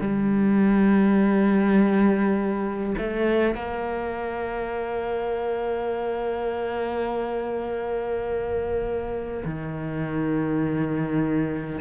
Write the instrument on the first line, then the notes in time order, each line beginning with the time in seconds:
cello
0.00 G3
2.97 A3
3.55 A#3
9.44 D#3